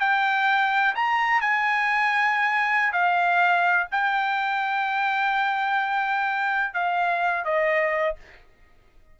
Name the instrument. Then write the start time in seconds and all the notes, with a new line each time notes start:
trumpet
0.00 G5
0.95 A#5
1.41 G#5
2.92 F5
3.91 G5
6.74 F5
7.45 D#5